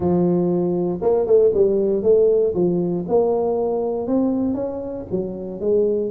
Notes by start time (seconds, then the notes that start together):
0.00 F3
1.01 A#3
1.26 A3
1.53 G3
2.02 A3
2.54 F3
3.08 A#3
4.07 C4
4.54 C#4
5.11 F#3
5.60 G#3